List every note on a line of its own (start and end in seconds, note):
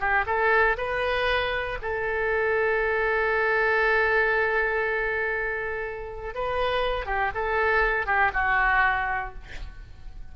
0.00 0.25 G4
0.26 0.77 A4
0.78 1.79 B4
1.82 6.35 A4
6.35 7.06 B4
7.06 7.31 G4
7.35 8.06 A4
8.06 8.31 G4
8.34 9.34 F#4